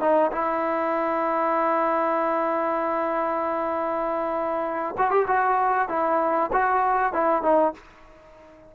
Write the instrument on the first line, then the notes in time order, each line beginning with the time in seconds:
trombone
0.00 D#4
0.32 E4
4.98 F#4
5.11 G4
5.27 F#4
5.89 E4
6.53 F#4
7.13 E4
7.43 D#4